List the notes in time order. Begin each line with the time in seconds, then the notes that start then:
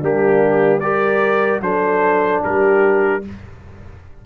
0.00 G3 A#3 D4 G4
0.80 G4 A#4 D5
1.60 F#3 D4 A4 C5
2.43 G3 G4 A#4